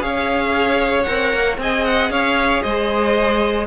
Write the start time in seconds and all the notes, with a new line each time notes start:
0.00 C#4 G#4 C#5 F5
1.03 C4 A#4 F#5
1.33 A#3
1.57 C4 G#4 D#5 G#5
1.85 F#5
2.10 C#4 C#5 F5
2.62 G#3 C5 D#5